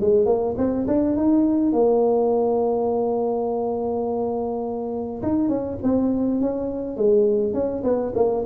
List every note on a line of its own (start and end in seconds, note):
0.00 0.25 G#3
0.25 0.55 A#3
0.57 0.86 C4
0.87 1.16 D4
1.16 1.72 D#4
1.72 5.22 A#3
5.22 5.48 D#4
5.48 5.77 C#4
5.83 6.41 C4
6.41 6.96 C#4
6.96 7.53 G#3
7.53 7.82 C#4
7.83 8.12 B3
8.15 8.44 A#3